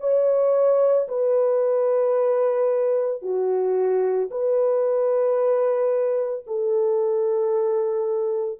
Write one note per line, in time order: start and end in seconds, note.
0.00 1.07 C#5
1.08 3.22 B4
3.22 4.29 F#4
4.31 6.45 B4
6.47 8.60 A4